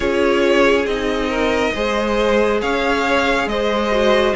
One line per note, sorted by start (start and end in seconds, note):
0.00 0.85 C#4
0.00 0.85 F4
0.00 1.29 G#4
0.00 0.86 C#5
0.85 1.72 C4
0.85 1.74 D#4
0.85 2.60 D#5
1.29 1.72 A#4
1.74 2.62 G#3
1.74 3.91 G#4
1.74 2.61 C5
2.61 3.46 C#4
2.61 3.48 C#5
2.61 3.48 F5
3.46 4.33 G#3
3.46 4.35 C5
3.46 4.35 D#5
3.91 4.34 F#4